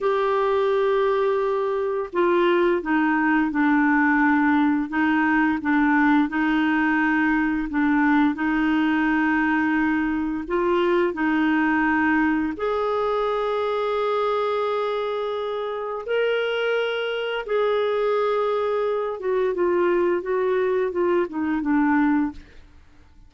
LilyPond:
\new Staff \with { instrumentName = "clarinet" } { \time 4/4 \tempo 4 = 86 g'2. f'4 | dis'4 d'2 dis'4 | d'4 dis'2 d'4 | dis'2. f'4 |
dis'2 gis'2~ | gis'2. ais'4~ | ais'4 gis'2~ gis'8 fis'8 | f'4 fis'4 f'8 dis'8 d'4 | }